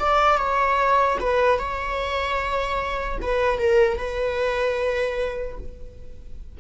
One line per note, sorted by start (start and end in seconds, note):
0.00 0.38 D5
0.38 1.18 C#5
1.21 1.59 B4
1.59 3.19 C#5
3.22 3.59 B4
3.59 3.98 A#4
3.98 5.58 B4